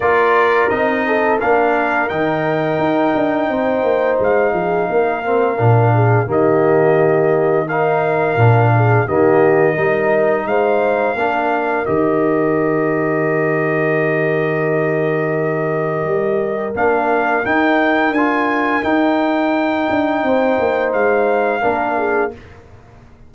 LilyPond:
<<
  \new Staff \with { instrumentName = "trumpet" } { \time 4/4 \tempo 4 = 86 d''4 dis''4 f''4 g''4~ | g''2 f''2~ | f''4 dis''2 f''4~ | f''4 dis''2 f''4~ |
f''4 dis''2.~ | dis''1 | f''4 g''4 gis''4 g''4~ | g''2 f''2 | }
  \new Staff \with { instrumentName = "horn" } { \time 4/4 ais'4. a'8 ais'2~ | ais'4 c''4. gis'8 ais'4~ | ais'8 gis'8 g'2 ais'4~ | ais'8 gis'8 g'4 ais'4 c''4 |
ais'1~ | ais'1~ | ais'1~ | ais'4 c''2 ais'8 gis'8 | }
  \new Staff \with { instrumentName = "trombone" } { \time 4/4 f'4 dis'4 d'4 dis'4~ | dis'2.~ dis'8 c'8 | d'4 ais2 dis'4 | d'4 ais4 dis'2 |
d'4 g'2.~ | g'1 | d'4 dis'4 f'4 dis'4~ | dis'2. d'4 | }
  \new Staff \with { instrumentName = "tuba" } { \time 4/4 ais4 c'4 ais4 dis4 | dis'8 d'8 c'8 ais8 gis8 f8 ais4 | ais,4 dis2. | ais,4 dis4 g4 gis4 |
ais4 dis2.~ | dis2. g4 | ais4 dis'4 d'4 dis'4~ | dis'8 d'8 c'8 ais8 gis4 ais4 | }
>>